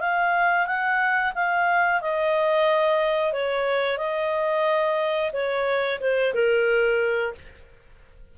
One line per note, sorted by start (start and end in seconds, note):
0.00 0.66 F5
0.66 1.33 F#5
1.35 2.01 F5
2.01 3.32 D#5
3.32 3.98 C#5
3.98 5.31 D#5
5.32 5.99 C#5
6.00 6.34 C5
6.34 7.34 A#4